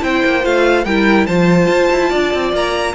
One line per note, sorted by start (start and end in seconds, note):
0.00 0.23 C4
0.00 0.42 E4
0.00 0.85 C5
0.00 0.45 G5
0.25 0.45 A#3
0.44 0.86 A3
0.44 0.85 F4
0.44 0.85 F5
0.85 1.27 G3
0.85 1.29 E4
0.85 1.27 A#4
0.85 1.27 G5
1.27 1.68 F3
1.27 2.95 F4
1.27 2.10 C5
1.27 2.52 A5
1.68 1.89 F4
1.92 2.13 E4
2.10 2.34 D4
2.10 2.93 D5
2.34 2.53 C4
2.53 2.95 A#3
2.53 2.95 A#5